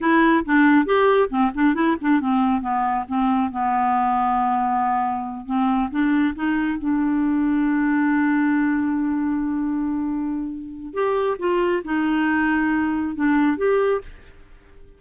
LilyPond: \new Staff \with { instrumentName = "clarinet" } { \time 4/4 \tempo 4 = 137 e'4 d'4 g'4 c'8 d'8 | e'8 d'8 c'4 b4 c'4 | b1~ | b8 c'4 d'4 dis'4 d'8~ |
d'1~ | d'1~ | d'4 g'4 f'4 dis'4~ | dis'2 d'4 g'4 | }